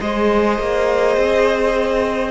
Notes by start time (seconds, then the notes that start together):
0.00 G#3 G#4 C5 D#5
0.59 A#3
1.16 C4